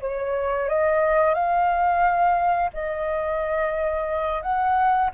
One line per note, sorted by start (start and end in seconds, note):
0.00 0.68 C#5
0.68 1.34 D#5
1.34 2.70 F5
2.73 4.42 D#5
4.42 5.10 F#5